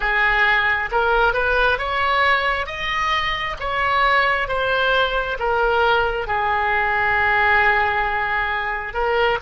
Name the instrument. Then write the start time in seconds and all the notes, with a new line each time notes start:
oboe
0.00 G#4
0.91 A#4
1.34 B4
1.78 C#5
2.66 D#5
3.60 C#5
4.48 C5
5.39 A#4
6.27 G#4
8.93 A#4